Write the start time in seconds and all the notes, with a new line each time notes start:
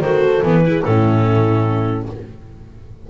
0.00 D#3 F#4 A4 C5
0.42 E3 B3 B4
0.65 E4 G#4
0.83 A2 C#4 E4 A4